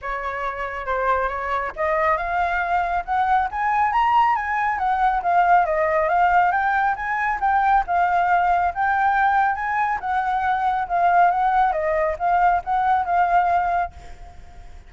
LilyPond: \new Staff \with { instrumentName = "flute" } { \time 4/4 \tempo 4 = 138 cis''2 c''4 cis''4 | dis''4 f''2 fis''4 | gis''4 ais''4 gis''4 fis''4 | f''4 dis''4 f''4 g''4 |
gis''4 g''4 f''2 | g''2 gis''4 fis''4~ | fis''4 f''4 fis''4 dis''4 | f''4 fis''4 f''2 | }